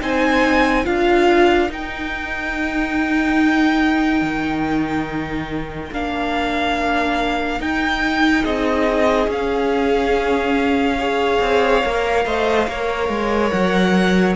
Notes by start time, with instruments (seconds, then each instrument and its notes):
0.00 cello C4, viola D#4, violin C5 G#5
0.85 cello D4, viola F4, violin A#4 F5
1.69 viola D#4, cello D#4, violin G5
4.22 cello D#3
5.92 cello A#3, viola D4, violin F5
7.60 viola D#4, cello D#4, violin G5
8.43 cello C4, violin G#4 D#5
9.27 cello C#4, viola C#4, violin F5
10.99 viola G#4, violin C#5
11.41 cello C4
11.85 cello A#3, viola A#4
12.25 cello A3, viola C5, violin D#5
12.68 cello A#3, viola A#4, violin C#5
13.09 cello G#3
13.49 cello F#3, violin F#5